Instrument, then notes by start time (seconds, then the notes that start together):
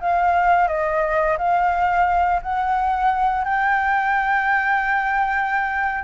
flute
0.00 F5
0.68 D#5
1.37 F5
2.42 F#5
3.44 G5